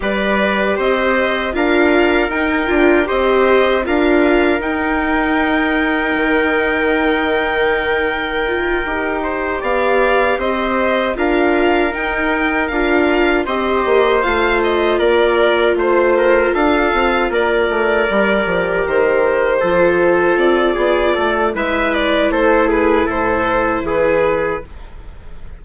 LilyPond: <<
  \new Staff \with { instrumentName = "violin" } { \time 4/4 \tempo 4 = 78 d''4 dis''4 f''4 g''4 | dis''4 f''4 g''2~ | g''1~ | g''8 f''4 dis''4 f''4 g''8~ |
g''8 f''4 dis''4 f''8 dis''8 d''8~ | d''8 c''4 f''4 d''4.~ | d''8 c''2 d''4. | e''8 d''8 c''8 b'8 c''4 b'4 | }
  \new Staff \with { instrumentName = "trumpet" } { \time 4/4 b'4 c''4 ais'2 | c''4 ais'2.~ | ais'1 | c''8 d''4 c''4 ais'4.~ |
ais'4. c''2 ais'8~ | ais'8 c''8 ais'8 a'4 ais'4.~ | ais'4. a'4. gis'8 a'8 | b'4 a'8 gis'8 a'4 gis'4 | }
  \new Staff \with { instrumentName = "viola" } { \time 4/4 g'2 f'4 dis'8 f'8 | g'4 f'4 dis'2~ | dis'2. f'8 g'8~ | g'2~ g'8 f'4 dis'8~ |
dis'8 f'4 g'4 f'4.~ | f'2.~ f'8 g'8~ | g'4. f'2~ f'8 | e'1 | }
  \new Staff \with { instrumentName = "bassoon" } { \time 4/4 g4 c'4 d'4 dis'8 d'8 | c'4 d'4 dis'2 | dis2.~ dis8 dis'8~ | dis'8 b4 c'4 d'4 dis'8~ |
dis'8 d'4 c'8 ais8 a4 ais8~ | ais8 a4 d'8 c'8 ais8 a8 g8 | f8 dis4 f4 c'8 b8 a8 | gis4 a4 a,4 e4 | }
>>